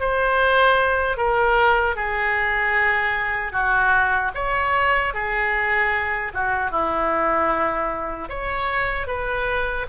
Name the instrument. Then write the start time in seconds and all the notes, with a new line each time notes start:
oboe
0.00 C5
1.17 A#4
1.96 G#4
3.52 F#4
4.35 C#5
5.14 G#4
6.34 F#4
6.71 E4
8.29 C#5
9.07 B4